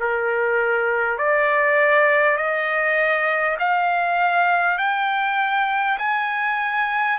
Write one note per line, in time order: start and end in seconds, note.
0.00 1.18 A#4
1.18 2.37 D5
2.37 3.57 D#5
3.59 4.78 F5
4.78 5.98 G5
5.98 7.18 G#5